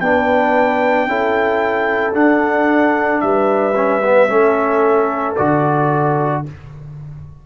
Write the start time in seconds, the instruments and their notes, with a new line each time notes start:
0.00 tuba B3, trombone D4, horn B4, trumpet G5
1.07 tuba C#4, trombone E4, horn A4
2.13 trombone D4, tuba D4, trumpet F#5
3.21 tuba G3, horn B4, trumpet E5
3.75 trombone C#4
4.04 trombone B3
4.29 tuba A3, trombone C#4, horn A4
5.36 tuba D3, trombone F#4, trumpet D5